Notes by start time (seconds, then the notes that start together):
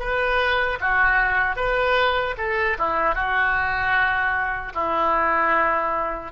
0.00 B4
0.81 F#4
1.57 B4
2.38 A4
2.79 E4
3.15 F#4
4.75 E4